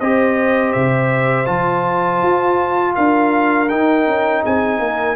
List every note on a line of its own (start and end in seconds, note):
0.00 0.75 C4
0.00 1.46 G4
0.00 2.95 C5
0.00 0.72 D#5
0.72 1.47 C3
0.72 1.46 E5
1.46 2.21 F3
1.46 3.68 F4
1.46 2.94 A5
2.22 2.96 F4
2.95 3.71 D4
2.95 4.42 A#4
2.95 3.69 F5
3.69 5.16 D#4
3.69 4.07 D#4
3.69 4.43 G5
4.07 4.44 C#4
4.42 4.79 C4
4.42 4.79 G#4
4.42 5.16 G#5
4.79 5.16 A#3
4.79 5.16 A#4